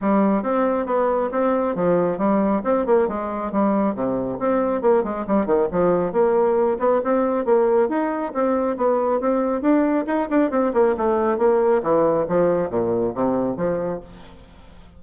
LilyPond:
\new Staff \with { instrumentName = "bassoon" } { \time 4/4 \tempo 4 = 137 g4 c'4 b4 c'4 | f4 g4 c'8 ais8 gis4 | g4 c4 c'4 ais8 gis8 | g8 dis8 f4 ais4. b8 |
c'4 ais4 dis'4 c'4 | b4 c'4 d'4 dis'8 d'8 | c'8 ais8 a4 ais4 e4 | f4 ais,4 c4 f4 | }